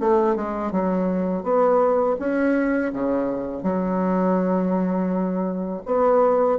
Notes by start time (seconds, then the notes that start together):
0.00 A3
0.36 G#3
0.72 F#3
1.43 B3
2.20 C#4
2.93 C#3
3.63 F#3
5.86 B3